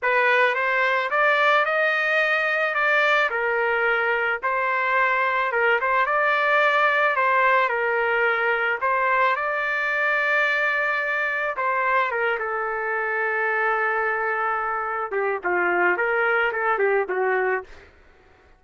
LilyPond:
\new Staff \with { instrumentName = "trumpet" } { \time 4/4 \tempo 4 = 109 b'4 c''4 d''4 dis''4~ | dis''4 d''4 ais'2 | c''2 ais'8 c''8 d''4~ | d''4 c''4 ais'2 |
c''4 d''2.~ | d''4 c''4 ais'8 a'4.~ | a'2.~ a'8 g'8 | f'4 ais'4 a'8 g'8 fis'4 | }